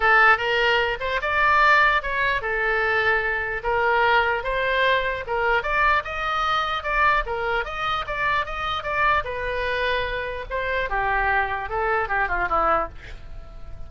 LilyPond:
\new Staff \with { instrumentName = "oboe" } { \time 4/4 \tempo 4 = 149 a'4 ais'4. c''8 d''4~ | d''4 cis''4 a'2~ | a'4 ais'2 c''4~ | c''4 ais'4 d''4 dis''4~ |
dis''4 d''4 ais'4 dis''4 | d''4 dis''4 d''4 b'4~ | b'2 c''4 g'4~ | g'4 a'4 g'8 f'8 e'4 | }